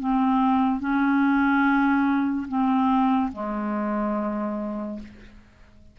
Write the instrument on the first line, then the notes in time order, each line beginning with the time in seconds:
clarinet
0.00 C4
0.80 C#4
2.48 C4
3.33 G#3